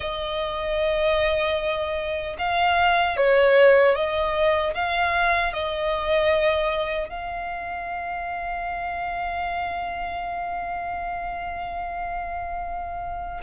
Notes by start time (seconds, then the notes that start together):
0.00 D#5
2.38 F5
3.16 C#5
3.95 D#5
4.74 F5
5.53 D#5
7.09 F5